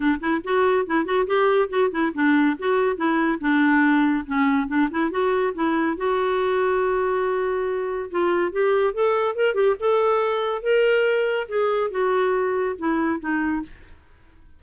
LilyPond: \new Staff \with { instrumentName = "clarinet" } { \time 4/4 \tempo 4 = 141 d'8 e'8 fis'4 e'8 fis'8 g'4 | fis'8 e'8 d'4 fis'4 e'4 | d'2 cis'4 d'8 e'8 | fis'4 e'4 fis'2~ |
fis'2. f'4 | g'4 a'4 ais'8 g'8 a'4~ | a'4 ais'2 gis'4 | fis'2 e'4 dis'4 | }